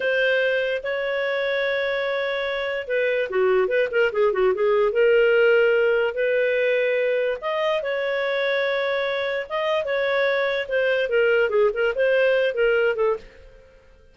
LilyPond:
\new Staff \with { instrumentName = "clarinet" } { \time 4/4 \tempo 4 = 146 c''2 cis''2~ | cis''2. b'4 | fis'4 b'8 ais'8 gis'8 fis'8 gis'4 | ais'2. b'4~ |
b'2 dis''4 cis''4~ | cis''2. dis''4 | cis''2 c''4 ais'4 | gis'8 ais'8 c''4. ais'4 a'8 | }